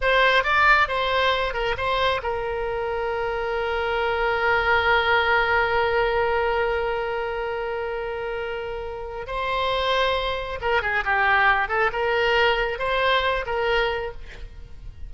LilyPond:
\new Staff \with { instrumentName = "oboe" } { \time 4/4 \tempo 4 = 136 c''4 d''4 c''4. ais'8 | c''4 ais'2.~ | ais'1~ | ais'1~ |
ais'1~ | ais'4 c''2. | ais'8 gis'8 g'4. a'8 ais'4~ | ais'4 c''4. ais'4. | }